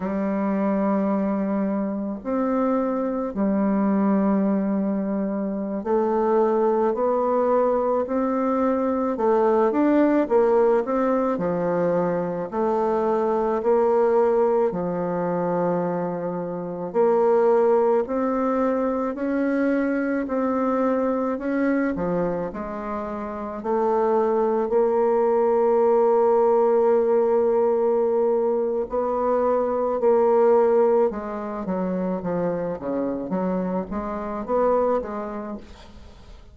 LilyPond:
\new Staff \with { instrumentName = "bassoon" } { \time 4/4 \tempo 4 = 54 g2 c'4 g4~ | g4~ g16 a4 b4 c'8.~ | c'16 a8 d'8 ais8 c'8 f4 a8.~ | a16 ais4 f2 ais8.~ |
ais16 c'4 cis'4 c'4 cis'8 f16~ | f16 gis4 a4 ais4.~ ais16~ | ais2 b4 ais4 | gis8 fis8 f8 cis8 fis8 gis8 b8 gis8 | }